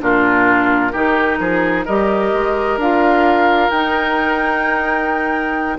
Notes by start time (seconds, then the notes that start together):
0.00 A#2 D4 F4 A#4
0.92 D#3 D#4 G4
1.39 F3 G#4
1.85 G3 G4 A#4 D#5
2.33 G#3
2.77 D4 F4 F5
3.70 D#4 G5